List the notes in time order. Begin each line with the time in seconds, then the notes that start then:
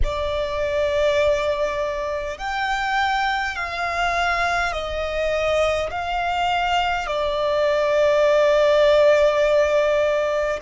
0.03 D5
2.37 G5
3.55 F5
4.72 D#5
5.90 F5
7.06 D5